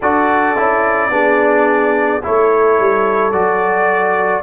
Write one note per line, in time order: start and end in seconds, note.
0.00 0.57 D4
0.00 0.56 F#4
0.00 1.11 A4
0.00 2.24 D5
0.56 1.09 C#4
0.56 1.10 E4
1.09 2.20 B3
1.09 2.21 D4
1.09 2.23 G#4
2.23 2.79 A3
2.23 3.32 E4
2.23 4.43 A4
2.23 3.32 C#5
2.79 3.33 G3
3.32 4.43 F#3
3.32 4.43 F#4
3.32 4.43 D5